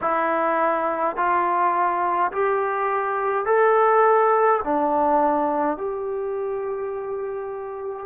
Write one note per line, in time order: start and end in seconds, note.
0.01 1.16 E4
1.16 2.31 F4
2.32 3.45 G4
3.45 4.60 A4
4.64 5.77 D4
5.77 8.06 G4